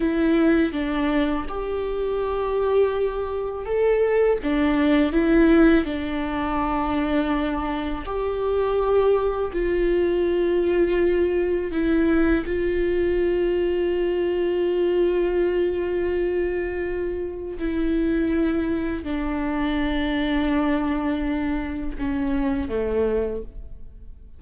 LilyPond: \new Staff \with { instrumentName = "viola" } { \time 4/4 \tempo 4 = 82 e'4 d'4 g'2~ | g'4 a'4 d'4 e'4 | d'2. g'4~ | g'4 f'2. |
e'4 f'2.~ | f'1 | e'2 d'2~ | d'2 cis'4 a4 | }